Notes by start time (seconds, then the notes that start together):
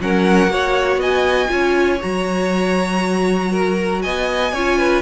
0.00 F#3 C#4 A#4 F#5
0.48 A#3 F#4 C#5
0.97 B3 D#5 G#5
1.48 C#4 F4 C#5
2.01 F#3 F#4 A#5
3.52 A#4
4.02 B3 D#5 G#5
4.53 C#4 F4 C#5
4.78 B4